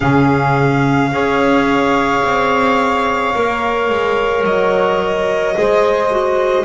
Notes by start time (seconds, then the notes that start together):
0.00 C#3 C#4 G#4 F5
1.11 C#4 G#4 C#5
2.23 C4
3.34 A#3 A#4
3.89 G#3
4.44 F#3 D#5
5.55 G#3 G#4 C5
6.10 F#4